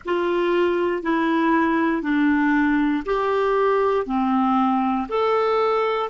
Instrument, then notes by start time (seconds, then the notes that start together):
clarinet
0.05 F4
1.02 E4
2.02 D4
3.05 G4
4.05 C4
5.08 A4